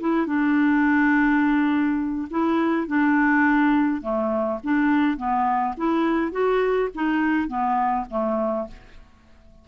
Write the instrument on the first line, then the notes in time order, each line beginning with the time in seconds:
clarinet
0.00 E4
0.26 D4
2.30 E4
2.87 D4
4.01 A3
4.64 D4
5.17 B3
5.77 E4
6.31 F#4
6.95 D#4
7.48 B3
8.10 A3